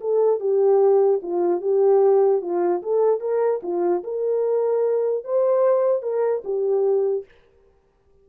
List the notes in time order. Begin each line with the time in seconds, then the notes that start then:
0.00 A4
0.40 G4
1.22 F4
1.61 G4
2.41 F4
2.82 A4
3.20 A#4
3.62 F4
4.03 A#4
5.24 C5
6.02 A#4
6.44 G4